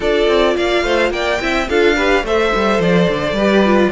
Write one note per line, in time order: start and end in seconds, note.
0.00 0.27 D4
0.00 1.37 F4
0.00 0.55 A4
0.00 0.56 D5
0.27 0.55 C4
0.56 0.82 A#3
0.56 0.84 D5
0.56 1.11 F5
0.82 1.10 A3
0.82 1.12 C5
1.10 1.38 A#3
1.10 1.41 D5
1.10 1.68 G5
1.39 1.68 C4
1.39 1.67 E4
1.39 1.69 E5
1.68 2.22 D4
1.68 1.96 F4
1.68 1.96 A4
1.68 2.25 F5
1.96 2.24 G4
1.96 2.24 B4
2.22 2.50 A3
2.22 3.39 A4
2.22 3.35 C5
2.22 2.81 E5
2.54 2.79 G3
2.79 3.07 F3
2.79 3.92 D5
3.08 3.32 D3
3.32 3.88 G3
3.32 3.91 B4
3.39 3.65 G4
3.65 3.92 F4